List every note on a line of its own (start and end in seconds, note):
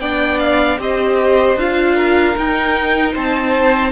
0.00 0.78 B3
0.00 0.79 D4
0.00 0.80 D5
0.00 0.39 G5
0.39 0.79 F5
0.78 1.56 C4
0.78 1.58 G4
0.78 1.96 C5
0.78 1.59 D#5
1.56 2.35 D4
1.56 2.37 F4
1.56 2.38 F5
1.96 3.13 A#4
2.37 3.92 D#4
2.37 3.16 D#4
2.37 3.17 G5
3.13 3.92 C4
3.13 3.92 C5
3.13 3.92 A5